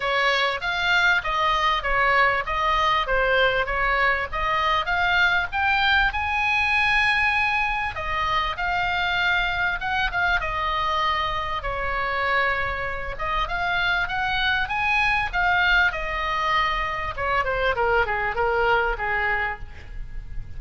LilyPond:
\new Staff \with { instrumentName = "oboe" } { \time 4/4 \tempo 4 = 98 cis''4 f''4 dis''4 cis''4 | dis''4 c''4 cis''4 dis''4 | f''4 g''4 gis''2~ | gis''4 dis''4 f''2 |
fis''8 f''8 dis''2 cis''4~ | cis''4. dis''8 f''4 fis''4 | gis''4 f''4 dis''2 | cis''8 c''8 ais'8 gis'8 ais'4 gis'4 | }